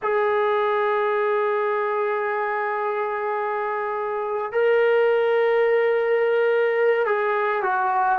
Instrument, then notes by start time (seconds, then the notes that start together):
trombone
0.02 G#4
4.51 A#4
7.06 G#4
7.62 F#4